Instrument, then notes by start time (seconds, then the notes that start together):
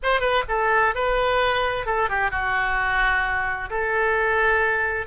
oboe
0.03 C5
0.20 B4
0.48 A4
0.94 B4
1.86 A4
2.09 G4
2.31 F#4
3.69 A4